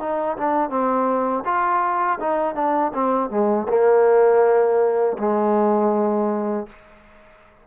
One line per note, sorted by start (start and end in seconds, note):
0.00 0.37 D#4
0.37 0.70 D4
0.70 1.44 C4
1.45 2.19 F4
2.21 2.55 D#4
2.55 2.92 D4
2.94 3.30 C4
3.30 3.67 G#3
3.69 5.17 A#3
5.19 6.67 G#3